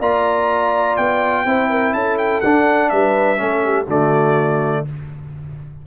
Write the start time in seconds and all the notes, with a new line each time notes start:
0.00 A#3 F4 D5 A#5
0.97 B3 G5
1.45 C4 E4 C5
1.70 A#4
1.93 C#4 A4 A5
2.18 G5
2.41 D4 F#5
2.89 G3 B4 E5
3.37 A3 C#4 A4
3.64 G4
3.86 D3 A3 F#4 D5